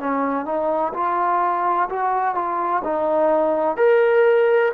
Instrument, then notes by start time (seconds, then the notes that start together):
trombone
0.00 C#4
0.46 D#4
0.94 F4
1.90 F#4
2.35 F4
2.84 D#4
3.77 A#4